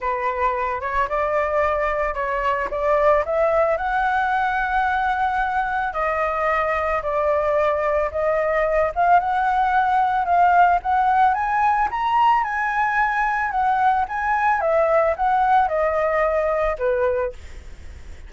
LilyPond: \new Staff \with { instrumentName = "flute" } { \time 4/4 \tempo 4 = 111 b'4. cis''8 d''2 | cis''4 d''4 e''4 fis''4~ | fis''2. dis''4~ | dis''4 d''2 dis''4~ |
dis''8 f''8 fis''2 f''4 | fis''4 gis''4 ais''4 gis''4~ | gis''4 fis''4 gis''4 e''4 | fis''4 dis''2 b'4 | }